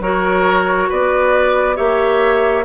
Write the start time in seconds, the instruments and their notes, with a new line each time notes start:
0.00 bassoon F#3, clarinet F#4, oboe A#4, flute C#5
0.89 bassoon B3, oboe B4, flute D5
1.75 bassoon A#3, clarinet G4, oboe C#5, flute E5